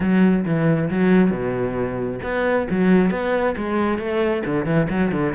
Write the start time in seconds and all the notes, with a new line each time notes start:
0.00 F#3
0.45 E3
0.90 F#3
1.30 B2
2.23 B3
2.70 F#3
3.11 B3
3.57 G#3
3.98 A3
4.45 D3
4.65 E3
4.89 F#3
5.11 D3